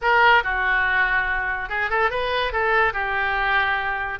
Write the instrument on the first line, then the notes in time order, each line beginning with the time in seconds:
oboe
0.01 A#4
0.43 F#4
1.69 G#4
1.90 A4
2.10 B4
2.52 A4
2.93 G4